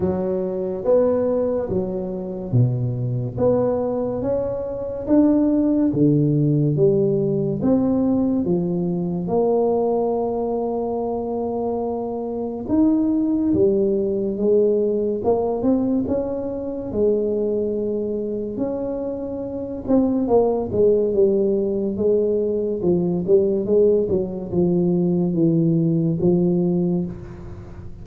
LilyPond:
\new Staff \with { instrumentName = "tuba" } { \time 4/4 \tempo 4 = 71 fis4 b4 fis4 b,4 | b4 cis'4 d'4 d4 | g4 c'4 f4 ais4~ | ais2. dis'4 |
g4 gis4 ais8 c'8 cis'4 | gis2 cis'4. c'8 | ais8 gis8 g4 gis4 f8 g8 | gis8 fis8 f4 e4 f4 | }